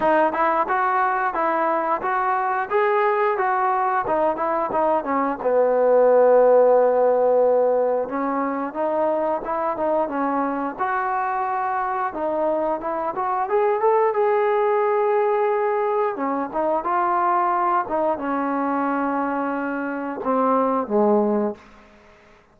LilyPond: \new Staff \with { instrumentName = "trombone" } { \time 4/4 \tempo 4 = 89 dis'8 e'8 fis'4 e'4 fis'4 | gis'4 fis'4 dis'8 e'8 dis'8 cis'8 | b1 | cis'4 dis'4 e'8 dis'8 cis'4 |
fis'2 dis'4 e'8 fis'8 | gis'8 a'8 gis'2. | cis'8 dis'8 f'4. dis'8 cis'4~ | cis'2 c'4 gis4 | }